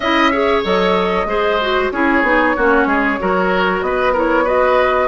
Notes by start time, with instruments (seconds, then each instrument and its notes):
0.00 bassoon C#4, clarinet E4, oboe D#5, flute E5
0.31 clarinet G#4, oboe C#5
0.63 bassoon F#3, clarinet A4, flute D#5
1.25 bassoon G#3, clarinet G#4, oboe C5
1.61 clarinet F#4
1.91 bassoon C#4, clarinet E4, oboe G#4, flute C#5
2.22 bassoon B3, clarinet D#4
2.56 bassoon A#3, clarinet C#4, oboe F#4
2.86 bassoon G#3, oboe G#4
3.19 bassoon F#3, clarinet F#4, oboe A#4
3.81 bassoon B3, oboe B4, flute D#5
4.12 clarinet E4, oboe A#4, flute C#5
4.43 clarinet F#4, oboe B4, flute D#5